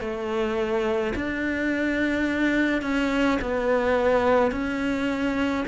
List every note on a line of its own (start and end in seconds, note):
0.00 1.13 A3
1.16 2.82 D4
2.82 3.39 C#4
3.41 4.51 B3
4.51 5.64 C#4